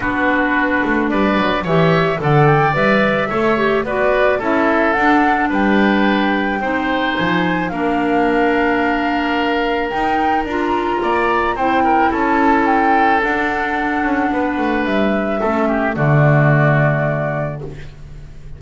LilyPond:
<<
  \new Staff \with { instrumentName = "flute" } { \time 4/4 \tempo 4 = 109 b'2 d''4 e''4 | fis''8 g''8 e''2 d''4 | e''4 fis''4 g''2~ | g''4 gis''4 f''2~ |
f''2 g''4 ais''4~ | ais''4 g''4 a''4 g''4 | fis''2. e''4~ | e''4 d''2. | }
  \new Staff \with { instrumentName = "oboe" } { \time 4/4 fis'2 b'4 cis''4 | d''2 cis''4 b'4 | a'2 b'2 | c''2 ais'2~ |
ais'1 | d''4 c''8 ais'8 a'2~ | a'2 b'2 | a'8 g'8 fis'2. | }
  \new Staff \with { instrumentName = "clarinet" } { \time 4/4 d'2. g'4 | a'4 b'4 a'8 g'8 fis'4 | e'4 d'2. | dis'2 d'2~ |
d'2 dis'4 f'4~ | f'4 e'2. | d'1 | cis'4 a2. | }
  \new Staff \with { instrumentName = "double bass" } { \time 4/4 b4. a8 g8 fis8 e4 | d4 g4 a4 b4 | cis'4 d'4 g2 | c'4 f4 ais2~ |
ais2 dis'4 d'4 | ais4 c'4 cis'2 | d'4. cis'8 b8 a8 g4 | a4 d2. | }
>>